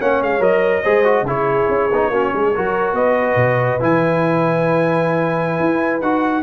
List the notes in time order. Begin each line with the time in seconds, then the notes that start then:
0.00 A#3 C#4 C#5 F#5
0.22 G#3 F5
0.40 F#3 A#4 D#5
0.83 G#3 G#4 C5
1.05 F#4
1.23 C#3 E4 G#4
1.30 C#5
1.69 C#4
1.92 B3 D#4
2.10 A#3 C#4 F#4
2.34 G#3 G#4
2.56 F#3 F#4 A#4
2.93 B3 B4 D#5
3.36 B2
3.80 E3 E4 G#5
5.60 E4
6.02 D#4 F#4 F#5